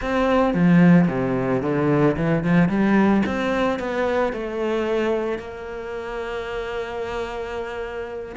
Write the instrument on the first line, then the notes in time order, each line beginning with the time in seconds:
cello
0.01 C4
0.54 F3
1.08 C3
1.61 D3
2.16 E3
2.43 F3
2.68 G3
3.26 C4
3.79 B3
4.32 A3
5.38 A#3